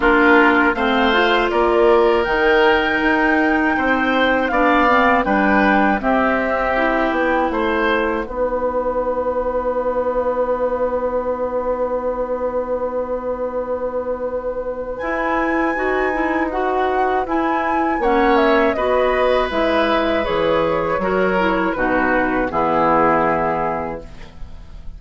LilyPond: <<
  \new Staff \with { instrumentName = "flute" } { \time 4/4 \tempo 4 = 80 ais'4 f''4 d''4 g''4~ | g''2 f''4 g''4 | e''4. g''8 fis''2~ | fis''1~ |
fis''1 | gis''2 fis''4 gis''4 | fis''8 e''8 dis''4 e''4 cis''4~ | cis''4 b'4 gis'2 | }
  \new Staff \with { instrumentName = "oboe" } { \time 4/4 f'4 c''4 ais'2~ | ais'4 c''4 d''4 b'4 | g'2 c''4 b'4~ | b'1~ |
b'1~ | b'1 | cis''4 b'2. | ais'4 fis'4 e'2 | }
  \new Staff \with { instrumentName = "clarinet" } { \time 4/4 d'4 c'8 f'4. dis'4~ | dis'2 d'8 c'8 d'4 | c'4 e'2 dis'4~ | dis'1~ |
dis'1 | e'4 fis'8 e'8 fis'4 e'4 | cis'4 fis'4 e'4 gis'4 | fis'8 e'8 dis'4 b2 | }
  \new Staff \with { instrumentName = "bassoon" } { \time 4/4 ais4 a4 ais4 dis4 | dis'4 c'4 b4 g4 | c'4. b8 a4 b4~ | b1~ |
b1 | e'4 dis'2 e'4 | ais4 b4 gis4 e4 | fis4 b,4 e2 | }
>>